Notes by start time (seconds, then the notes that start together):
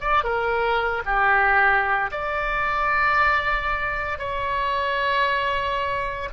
0.00 D5
0.24 A#4
1.05 G4
2.11 D5
4.18 C#5